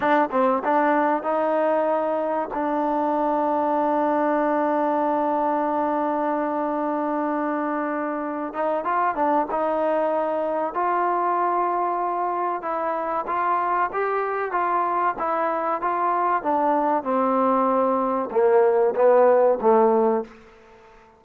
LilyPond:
\new Staff \with { instrumentName = "trombone" } { \time 4/4 \tempo 4 = 95 d'8 c'8 d'4 dis'2 | d'1~ | d'1~ | d'4. dis'8 f'8 d'8 dis'4~ |
dis'4 f'2. | e'4 f'4 g'4 f'4 | e'4 f'4 d'4 c'4~ | c'4 ais4 b4 a4 | }